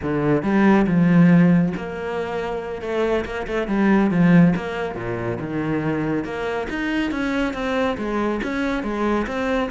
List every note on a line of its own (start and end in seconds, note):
0.02 0.43 D3
0.43 0.86 G3
0.86 1.73 F3
1.77 2.81 A#3
2.81 3.25 A3
3.25 3.46 A#3
3.47 3.67 A3
3.67 4.10 G3
4.10 4.54 F3
4.56 4.95 A#3
4.95 5.38 A#2
5.40 6.24 D#3
6.24 6.67 A#3
6.69 7.11 D#4
7.11 7.53 C#4
7.53 7.96 C4
7.97 8.41 G#3
8.43 8.83 C#4
8.83 9.26 G#3
9.26 9.70 C4